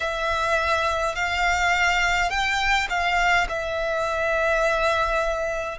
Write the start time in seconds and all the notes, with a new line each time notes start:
0.00 E5
1.15 F5
2.30 G5
2.89 F5
3.48 E5